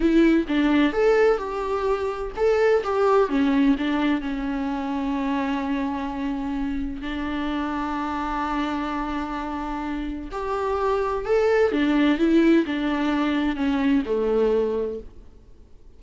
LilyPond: \new Staff \with { instrumentName = "viola" } { \time 4/4 \tempo 4 = 128 e'4 d'4 a'4 g'4~ | g'4 a'4 g'4 cis'4 | d'4 cis'2.~ | cis'2. d'4~ |
d'1~ | d'2 g'2 | a'4 d'4 e'4 d'4~ | d'4 cis'4 a2 | }